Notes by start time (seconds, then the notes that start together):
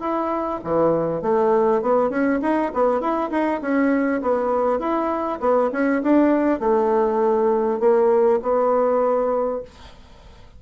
0.00 E4
0.64 E3
1.22 A3
1.82 B3
2.10 C#4
2.42 D#4
2.74 B3
3.00 E4
3.31 D#4
3.61 C#4
4.22 B3
4.79 E4
5.40 B3
5.72 C#4
6.03 D4
6.60 A3
7.80 A#3
8.42 B3